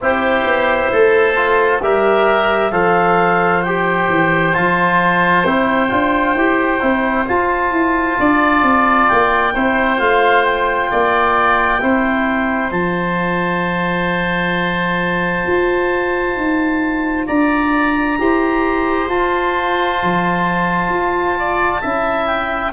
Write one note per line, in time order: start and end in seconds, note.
0.01 0.45 C4
0.01 1.35 E4
0.01 0.91 G4
0.01 1.82 C5
0.45 0.91 B3
0.91 1.81 A3
0.91 1.82 A4
1.35 1.80 F4
1.81 2.72 G3
1.81 2.71 G4
1.81 2.72 A#4
1.81 2.72 E5
2.71 4.08 F3
2.71 3.62 A4
2.71 8.17 C5
2.71 3.62 F5
3.62 4.53 G4
3.62 4.53 G5
4.08 4.54 E3
4.53 5.45 F3
4.53 5.44 F4
4.53 5.45 A5
5.45 5.91 C4
5.45 5.89 E4
5.45 7.26 G5
5.89 6.35 D4
5.89 6.35 F4
6.35 6.80 E4
6.35 6.80 G4
6.80 7.27 C4
6.80 7.26 E4
7.26 9.53 F4
7.26 7.71 F4
7.26 9.08 A5
7.71 8.16 E4
8.19 8.62 D4
8.19 9.54 D5
8.62 9.08 C4
9.08 9.55 A#3
9.08 9.98 G5
9.54 9.99 C4
9.54 9.97 E4
9.54 10.90 C5
9.97 10.90 A3
9.97 11.79 F4
9.97 10.43 F5
10.43 12.70 G5
10.90 11.82 A#3
10.90 11.81 D5
11.80 12.71 C4
11.80 12.71 E4
11.80 17.26 C5
12.71 15.43 F3
12.71 18.16 F4
12.71 17.25 A5
15.46 16.35 F4
16.35 17.26 D#4
17.26 18.18 D4
17.26 18.17 D5
17.26 19.08 A#5
18.18 19.08 E4
18.18 19.09 G4
18.18 21.38 C5
19.08 19.99 F4
19.08 21.82 F4
19.08 22.26 A5
20.02 20.88 F3
20.88 21.79 F4
21.38 21.81 D5
21.81 22.73 C#4
21.81 22.73 E4
21.81 22.72 E5
22.26 22.71 G5